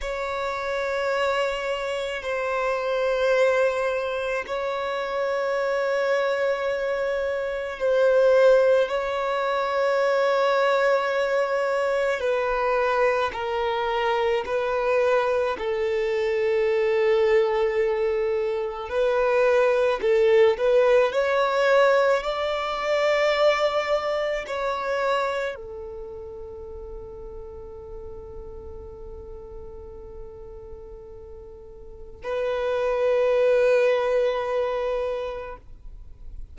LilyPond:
\new Staff \with { instrumentName = "violin" } { \time 4/4 \tempo 4 = 54 cis''2 c''2 | cis''2. c''4 | cis''2. b'4 | ais'4 b'4 a'2~ |
a'4 b'4 a'8 b'8 cis''4 | d''2 cis''4 a'4~ | a'1~ | a'4 b'2. | }